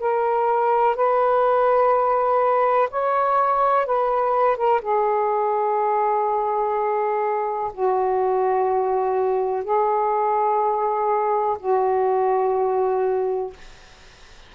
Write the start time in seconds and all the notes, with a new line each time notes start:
0.00 A#4
0.96 B4
2.91 C#5
3.86 B4
4.57 A#4
4.82 G#4
7.74 F#4
9.64 G#4
11.60 F#4